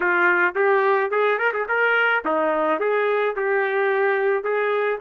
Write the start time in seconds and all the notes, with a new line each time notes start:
0.00 F4
0.55 G4
1.10 G#4
1.38 A#4
1.53 G#4
1.68 A#4
2.24 D#4
2.79 G#4
3.35 G4
4.43 G#4